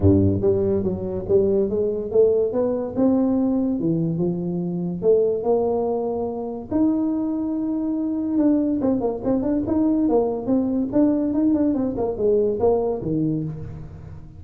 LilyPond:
\new Staff \with { instrumentName = "tuba" } { \time 4/4 \tempo 4 = 143 g,4 g4 fis4 g4 | gis4 a4 b4 c'4~ | c'4 e4 f2 | a4 ais2. |
dis'1 | d'4 c'8 ais8 c'8 d'8 dis'4 | ais4 c'4 d'4 dis'8 d'8 | c'8 ais8 gis4 ais4 dis4 | }